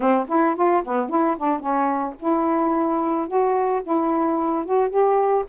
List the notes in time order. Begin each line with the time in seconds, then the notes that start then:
0.00 C4
0.28 E4
0.55 F4
0.84 B3
1.09 E4
1.37 D4
1.59 C#4
2.19 E4
3.27 F#4
3.83 E4
4.65 F#4
4.89 G4